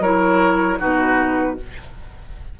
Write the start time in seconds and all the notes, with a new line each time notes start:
0.00 F#3 E4 A#4 C#5
0.79 B2 D#4 F#4 B4